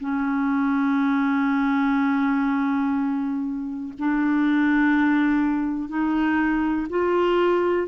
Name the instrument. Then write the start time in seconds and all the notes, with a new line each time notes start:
clarinet
0.00 C#4
3.99 D4
5.89 D#4
6.89 F4